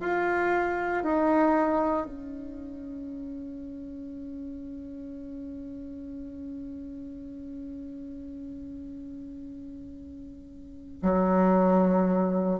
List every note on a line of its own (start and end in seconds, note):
0.00 1.03 F4
1.03 2.06 D#4
2.06 11.00 C#4
11.02 12.60 F#3